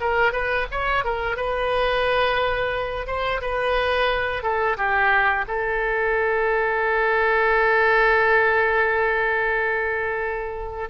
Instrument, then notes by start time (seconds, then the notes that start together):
oboe
0.00 A#4
0.32 B4
0.71 C#5
1.04 A#4
1.36 B4
3.07 C5
3.41 B4
4.43 A4
4.77 G4
5.47 A4